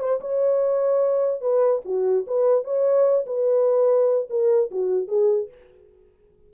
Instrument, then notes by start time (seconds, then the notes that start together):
horn
0.00 C5
0.21 C#5
1.41 B4
1.85 F#4
2.27 B4
2.64 C#5
3.26 B4
4.30 A#4
4.71 F#4
5.08 G#4